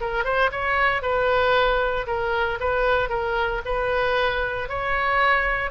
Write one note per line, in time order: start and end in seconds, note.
0.00 0.24 A#4
0.24 0.50 C5
0.51 1.02 C#5
1.02 2.06 B4
2.06 2.58 A#4
2.59 3.09 B4
3.09 3.61 A#4
3.65 4.68 B4
4.68 5.70 C#5